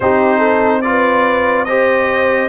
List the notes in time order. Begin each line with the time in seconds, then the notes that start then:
0.00 C4 D#4 G4 C5
0.38 A4
0.81 F4 B4 D5
1.65 G4 C5 D#5